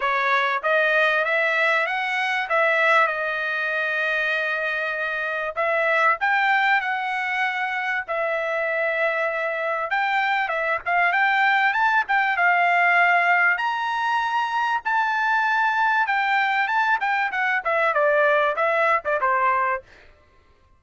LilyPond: \new Staff \with { instrumentName = "trumpet" } { \time 4/4 \tempo 4 = 97 cis''4 dis''4 e''4 fis''4 | e''4 dis''2.~ | dis''4 e''4 g''4 fis''4~ | fis''4 e''2. |
g''4 e''8 f''8 g''4 a''8 g''8 | f''2 ais''2 | a''2 g''4 a''8 g''8 | fis''8 e''8 d''4 e''8. d''16 c''4 | }